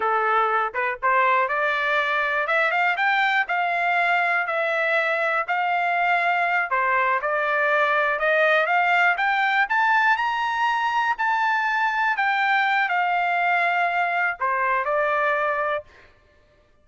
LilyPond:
\new Staff \with { instrumentName = "trumpet" } { \time 4/4 \tempo 4 = 121 a'4. b'8 c''4 d''4~ | d''4 e''8 f''8 g''4 f''4~ | f''4 e''2 f''4~ | f''4. c''4 d''4.~ |
d''8 dis''4 f''4 g''4 a''8~ | a''8 ais''2 a''4.~ | a''8 g''4. f''2~ | f''4 c''4 d''2 | }